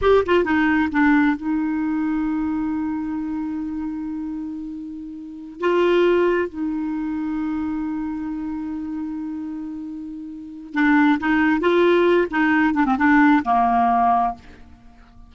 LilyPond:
\new Staff \with { instrumentName = "clarinet" } { \time 4/4 \tempo 4 = 134 g'8 f'8 dis'4 d'4 dis'4~ | dis'1~ | dis'1~ | dis'8 f'2 dis'4.~ |
dis'1~ | dis'1 | d'4 dis'4 f'4. dis'8~ | dis'8 d'16 c'16 d'4 ais2 | }